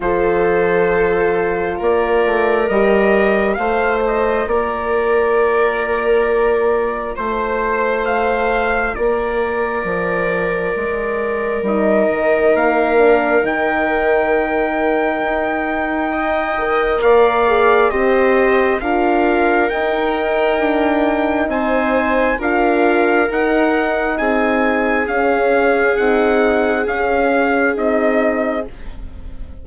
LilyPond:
<<
  \new Staff \with { instrumentName = "trumpet" } { \time 4/4 \tempo 4 = 67 c''2 d''4 dis''4 | f''8 dis''8 d''2. | c''4 f''4 d''2~ | d''4 dis''4 f''4 g''4~ |
g''2. f''4 | dis''4 f''4 g''2 | gis''4 f''4 fis''4 gis''4 | f''4 fis''4 f''4 dis''4 | }
  \new Staff \with { instrumentName = "viola" } { \time 4/4 a'2 ais'2 | c''4 ais'2. | c''2 ais'2~ | ais'1~ |
ais'2 dis''4 d''4 | c''4 ais'2. | c''4 ais'2 gis'4~ | gis'1 | }
  \new Staff \with { instrumentName = "horn" } { \time 4/4 f'2. g'4 | f'1~ | f'1~ | f'4 dis'4. d'8 dis'4~ |
dis'2~ dis'8 ais'4 gis'8 | g'4 f'4 dis'2~ | dis'4 f'4 dis'2 | cis'4 dis'4 cis'4 dis'4 | }
  \new Staff \with { instrumentName = "bassoon" } { \time 4/4 f2 ais8 a8 g4 | a4 ais2. | a2 ais4 f4 | gis4 g8 dis8 ais4 dis4~ |
dis4 dis'2 ais4 | c'4 d'4 dis'4 d'4 | c'4 d'4 dis'4 c'4 | cis'4 c'4 cis'4 c'4 | }
>>